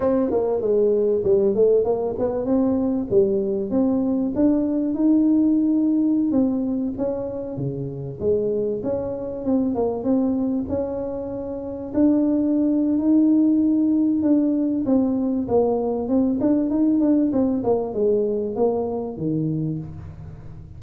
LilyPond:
\new Staff \with { instrumentName = "tuba" } { \time 4/4 \tempo 4 = 97 c'8 ais8 gis4 g8 a8 ais8 b8 | c'4 g4 c'4 d'4 | dis'2~ dis'16 c'4 cis'8.~ | cis'16 cis4 gis4 cis'4 c'8 ais16~ |
ais16 c'4 cis'2 d'8.~ | d'4 dis'2 d'4 | c'4 ais4 c'8 d'8 dis'8 d'8 | c'8 ais8 gis4 ais4 dis4 | }